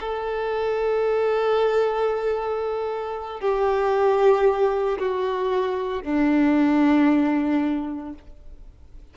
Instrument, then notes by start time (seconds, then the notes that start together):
violin
0.00 A4
3.41 G4
4.99 F#4
6.03 D4